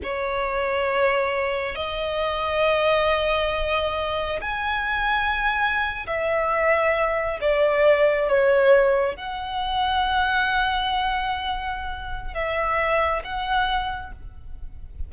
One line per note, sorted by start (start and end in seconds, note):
0.03 1.75 C#5
1.75 4.40 D#5
4.41 6.06 G#5
6.06 7.39 E5
7.40 8.28 D5
8.28 9.16 C#5
9.16 12.34 F#5
12.34 13.22 E5
13.24 14.12 F#5